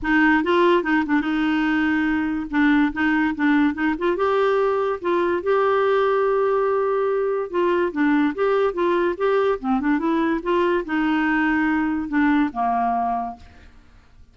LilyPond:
\new Staff \with { instrumentName = "clarinet" } { \time 4/4 \tempo 4 = 144 dis'4 f'4 dis'8 d'8 dis'4~ | dis'2 d'4 dis'4 | d'4 dis'8 f'8 g'2 | f'4 g'2.~ |
g'2 f'4 d'4 | g'4 f'4 g'4 c'8 d'8 | e'4 f'4 dis'2~ | dis'4 d'4 ais2 | }